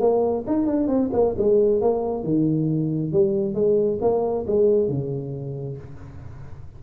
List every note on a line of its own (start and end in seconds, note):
0.00 0.44 A#3
0.47 0.66 D#4
0.66 0.88 D4
0.88 1.10 C4
1.13 1.35 A#3
1.38 1.81 G#3
1.81 2.23 A#3
2.23 3.12 D#3
3.13 3.54 G3
3.54 3.99 G#3
4.01 4.45 A#3
4.47 4.88 G#3
4.88 5.77 C#3